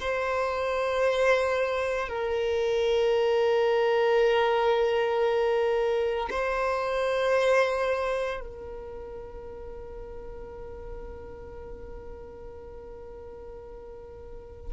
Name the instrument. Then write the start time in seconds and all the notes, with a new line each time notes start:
violin
0.00 C5
2.08 A#4
6.30 C5
8.40 A#4